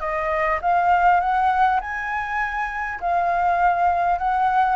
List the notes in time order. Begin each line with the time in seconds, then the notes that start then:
0.00 D#5
0.62 F5
1.20 F#5
1.81 G#5
3.01 F5
4.19 F#5